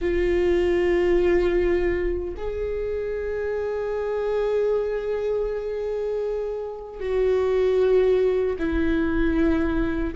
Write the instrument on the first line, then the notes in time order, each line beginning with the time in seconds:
viola
0.01 F4
2.37 G#4
7.00 F#4
8.58 E4